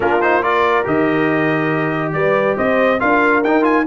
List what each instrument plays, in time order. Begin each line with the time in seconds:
0.00 tuba A#3, trombone D4, horn F4, trumpet A#4
0.21 trombone D#4, trumpet C5
0.41 trombone F4, horn A#4, trumpet D5
0.84 tuba D#3, trombone G4, trumpet D#5
2.12 tuba G3, horn B4, trumpet D5
2.57 tuba C4, horn C5, trumpet D#5
2.99 tuba D4, trombone F4, horn A#4, trumpet F5
3.43 tuba D#4, trombone D#4, trumpet G5
3.62 trombone F4, trumpet G#5